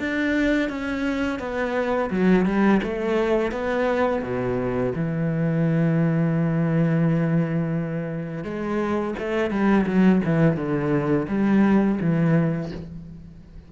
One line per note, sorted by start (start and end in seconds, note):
0.00 0.70 D4
0.70 1.40 C#4
1.40 2.10 B3
2.11 2.46 F#3
2.46 2.81 G3
2.83 3.52 A3
3.52 4.23 B3
4.23 4.93 B2
4.96 8.44 E3
8.44 9.15 G#3
9.19 9.51 A3
9.51 9.86 G3
9.87 10.22 F#3
10.25 10.57 E3
10.57 11.27 D3
11.29 11.99 G3
12.01 12.72 E3